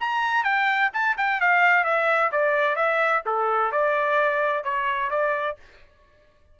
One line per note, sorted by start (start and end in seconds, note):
0.00 0.44 A#5
0.44 0.90 G5
0.93 1.17 A5
1.17 1.40 G5
1.41 1.84 F5
1.84 2.31 E5
2.32 2.76 D5
2.76 3.22 E5
3.26 3.72 A4
3.72 4.64 D5
4.64 5.10 C#5
5.10 5.57 D5